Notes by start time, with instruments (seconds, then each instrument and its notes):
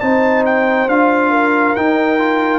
0.00 tuba C4, trombone D#4, horn C5, trumpet A5
0.45 trumpet G5
0.87 tuba D4, trombone F4, trumpet F5
1.30 horn A#4
1.75 tuba D#4, trombone D#4, trumpet G5
2.18 trombone F4